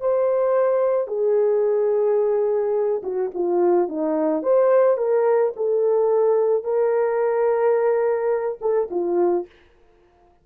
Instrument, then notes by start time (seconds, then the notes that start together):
horn
0.00 C5
1.07 G#4
3.03 F#4
3.34 F4
3.89 D#4
4.43 C5
4.97 A#4
5.56 A4
6.64 A#4
8.61 A4
8.91 F4